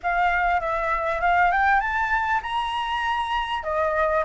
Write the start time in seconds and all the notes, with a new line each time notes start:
0.02 F5
0.60 E5
1.21 F5
1.51 G5
1.80 A5
2.42 A#5
3.63 D#5